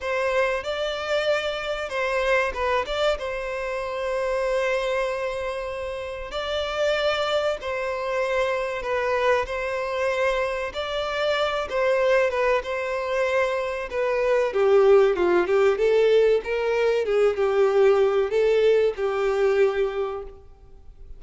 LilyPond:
\new Staff \with { instrumentName = "violin" } { \time 4/4 \tempo 4 = 95 c''4 d''2 c''4 | b'8 d''8 c''2.~ | c''2 d''2 | c''2 b'4 c''4~ |
c''4 d''4. c''4 b'8 | c''2 b'4 g'4 | f'8 g'8 a'4 ais'4 gis'8 g'8~ | g'4 a'4 g'2 | }